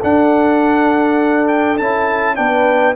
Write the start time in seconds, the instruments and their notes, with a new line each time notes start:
0.00 trombone D4, tuba D4, horn A4, trumpet F#5
1.48 trumpet G5
1.78 tuba C#4, trombone E4, trumpet A5
2.35 tuba B3, trombone D4, horn B4, trumpet G5